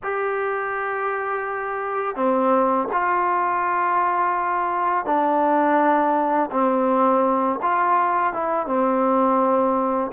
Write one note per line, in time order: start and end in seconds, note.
0.03 2.15 G4
2.15 2.88 C4
2.92 5.05 F4
5.05 6.50 D4
6.51 7.59 C4
7.62 8.33 F4
8.33 8.66 E4
8.66 10.11 C4